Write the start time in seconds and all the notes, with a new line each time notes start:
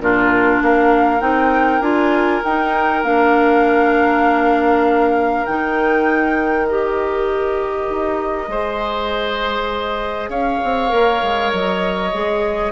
0.00 A#2 D4 F4 A#4
0.62 A#3 A#4 F5
1.21 C4 D#4 G5
1.81 D4 F4 G#5
2.44 D#4 G5
3.03 A#3 D4 F5
5.46 D#3 D#4 G5
6.68 G4 D#5
7.89 D#4
8.48 G#3 G#4 C5
10.29 C#4 C#5 F5
10.64 C4
10.89 A#3 A#4
11.23 G#3
11.53 F#3 D#5
12.13 G#3 G#4